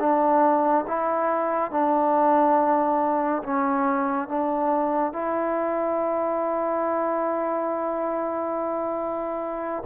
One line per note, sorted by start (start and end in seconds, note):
0.00 0.86 D4
0.88 1.71 E4
1.71 3.43 D4
3.44 4.29 C#4
4.29 5.13 D4
5.13 9.85 E4